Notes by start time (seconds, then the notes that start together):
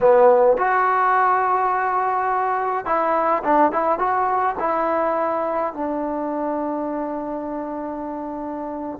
0.00 B3
0.57 F#4
2.85 E4
3.43 D4
3.72 E4
3.98 F#4
4.59 E4
5.73 D4